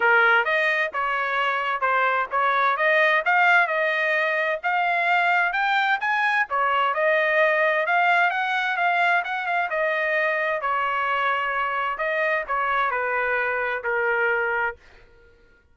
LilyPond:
\new Staff \with { instrumentName = "trumpet" } { \time 4/4 \tempo 4 = 130 ais'4 dis''4 cis''2 | c''4 cis''4 dis''4 f''4 | dis''2 f''2 | g''4 gis''4 cis''4 dis''4~ |
dis''4 f''4 fis''4 f''4 | fis''8 f''8 dis''2 cis''4~ | cis''2 dis''4 cis''4 | b'2 ais'2 | }